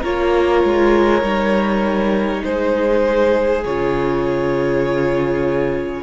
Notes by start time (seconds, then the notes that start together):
0.00 A#3 F4 A#4 C#5
0.64 G#3
1.22 G3 D#4
2.44 G#3 G#4 C5
3.64 C#3 F4 C#5